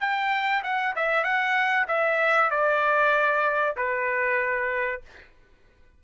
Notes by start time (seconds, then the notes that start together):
0.00 G5
0.63 F#5
0.95 E5
1.24 F#5
1.88 E5
2.51 D5
3.76 B4